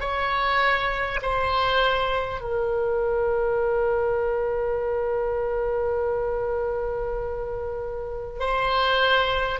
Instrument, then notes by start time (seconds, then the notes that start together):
oboe
0.00 C#5
1.22 C5
2.40 A#4
8.39 C5